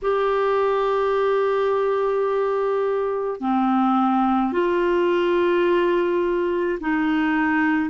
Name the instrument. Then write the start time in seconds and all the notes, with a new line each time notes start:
clarinet
0.02 G4
3.40 C4
4.52 F4
6.80 D#4